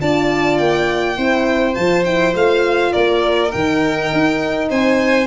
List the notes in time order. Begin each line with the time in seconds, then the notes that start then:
0.00 D4 F4 D5 A5
0.58 A#3 G5
1.16 C4 E4 C5
1.74 F3 F4 A5
2.05 E4 G5
2.34 A3 F4 F5
2.92 A#3 A#4 D5
3.52 D#3 D#4 G5
4.13 D#4
4.69 C4 C5 G#5